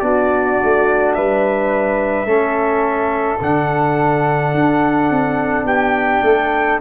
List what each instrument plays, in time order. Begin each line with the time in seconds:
0.00 tuba B3, trombone D4, flute F#4, trumpet D5
0.63 tuba A3
1.14 tuba G3, flute B4, trumpet E5
2.26 tuba A3, trombone C#4, flute A4
3.41 tuba D3, trombone D4, trumpet F#5
4.54 tuba D4
5.10 tuba C4
5.64 tuba B3, flute G4, trumpet G5
6.23 tuba A3, flute A4